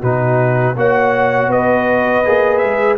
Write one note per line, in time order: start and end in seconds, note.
0.00 0.76 B2
0.00 0.76 D#4
0.00 0.74 F#4
0.00 0.77 B4
0.76 1.47 A#3
0.76 2.25 F#4
0.76 1.51 C#5
0.76 1.52 F#5
1.47 2.21 B3
1.47 2.98 B4
1.47 2.58 D#5
2.25 2.63 A#3
2.25 2.98 G#4
2.58 2.98 G#3
2.58 2.95 E5